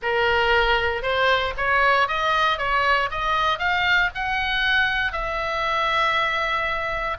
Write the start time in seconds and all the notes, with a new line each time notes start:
0.02 A#4
1.02 C5
1.57 C#5
2.07 D#5
2.58 C#5
3.10 D#5
3.59 F5
4.14 F#5
5.12 E5